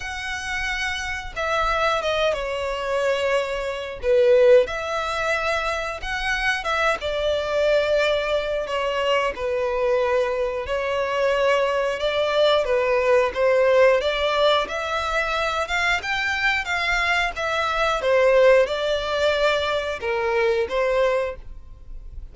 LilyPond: \new Staff \with { instrumentName = "violin" } { \time 4/4 \tempo 4 = 90 fis''2 e''4 dis''8 cis''8~ | cis''2 b'4 e''4~ | e''4 fis''4 e''8 d''4.~ | d''4 cis''4 b'2 |
cis''2 d''4 b'4 | c''4 d''4 e''4. f''8 | g''4 f''4 e''4 c''4 | d''2 ais'4 c''4 | }